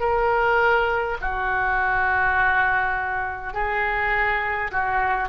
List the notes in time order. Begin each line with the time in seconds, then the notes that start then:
0.00 A#4
1.21 F#4
3.53 G#4
4.72 F#4